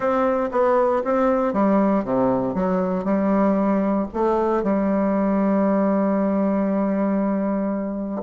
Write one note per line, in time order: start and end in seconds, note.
0.00 0.50 C4
0.51 1.02 B3
1.04 1.53 C4
1.53 2.04 G3
2.04 2.54 C3
2.54 3.04 F#3
3.04 4.07 G3
4.13 4.63 A3
4.63 8.22 G3